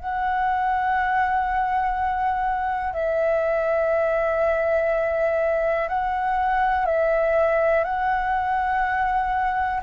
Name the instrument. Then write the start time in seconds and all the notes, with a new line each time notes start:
flute
0.00 F#5
2.93 E5
5.89 F#5
6.86 E5
7.84 F#5